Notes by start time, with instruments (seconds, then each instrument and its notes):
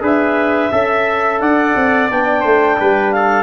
0.00 tuba D4, trombone G#4, trumpet B4, clarinet E5
0.71 tuba C#4, trombone A4, trumpet E5
1.40 tuba D4, trumpet D5, clarinet F#5
1.75 tuba C4
2.09 tuba B3, trombone D4, clarinet G5
2.40 tuba A3, trumpet C5
2.79 tuba G3, trumpet B4
3.11 trumpet A4, clarinet F5